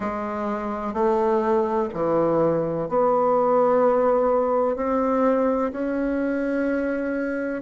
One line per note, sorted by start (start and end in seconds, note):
0.00 0.93 G#3
0.93 1.88 A3
1.93 2.88 E3
2.88 4.76 B3
4.76 5.71 C4
5.71 7.62 C#4